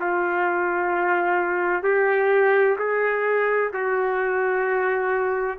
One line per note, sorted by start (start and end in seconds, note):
0.00 1.83 F4
1.83 2.77 G4
2.78 3.72 G#4
3.73 5.59 F#4